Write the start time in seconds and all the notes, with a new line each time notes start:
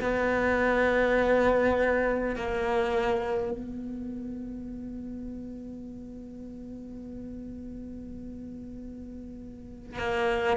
0.00 B3
2.35 A#3
3.51 B3
9.98 A#3